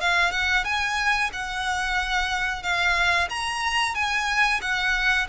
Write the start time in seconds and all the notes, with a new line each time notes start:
0.00 F5
0.31 F#5
0.64 G#5
1.32 F#5
2.62 F5
3.29 A#5
3.94 G#5
4.61 F#5